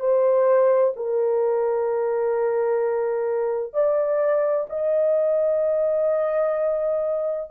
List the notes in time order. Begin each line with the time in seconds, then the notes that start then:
0.00 C5
0.96 A#4
3.73 D5
4.70 D#5